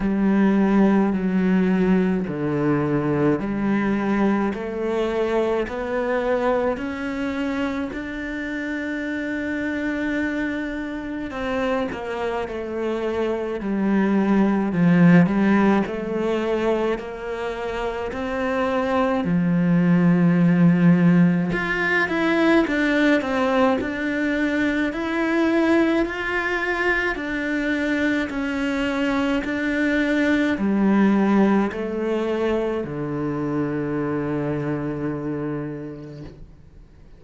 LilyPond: \new Staff \with { instrumentName = "cello" } { \time 4/4 \tempo 4 = 53 g4 fis4 d4 g4 | a4 b4 cis'4 d'4~ | d'2 c'8 ais8 a4 | g4 f8 g8 a4 ais4 |
c'4 f2 f'8 e'8 | d'8 c'8 d'4 e'4 f'4 | d'4 cis'4 d'4 g4 | a4 d2. | }